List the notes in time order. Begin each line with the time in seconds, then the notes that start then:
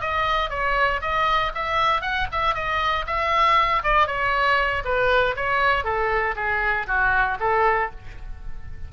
0.00 D#5
0.49 C#5
1.01 D#5
1.54 E5
2.01 F#5
2.31 E5
2.54 D#5
3.06 E5
3.83 D5
4.07 C#5
4.84 B4
5.36 C#5
5.84 A4
6.35 G#4
6.86 F#4
7.39 A4